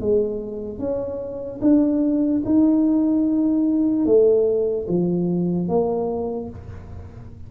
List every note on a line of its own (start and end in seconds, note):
0.00 0.79 G#3
0.79 1.60 C#4
1.61 2.42 D4
2.45 4.05 D#4
4.05 4.86 A3
4.88 5.68 F3
5.68 6.49 A#3